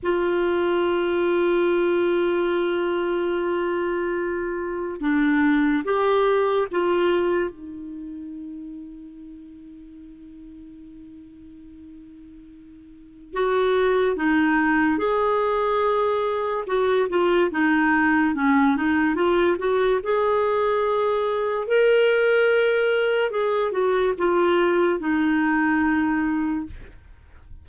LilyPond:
\new Staff \with { instrumentName = "clarinet" } { \time 4/4 \tempo 4 = 72 f'1~ | f'2 d'4 g'4 | f'4 dis'2.~ | dis'1 |
fis'4 dis'4 gis'2 | fis'8 f'8 dis'4 cis'8 dis'8 f'8 fis'8 | gis'2 ais'2 | gis'8 fis'8 f'4 dis'2 | }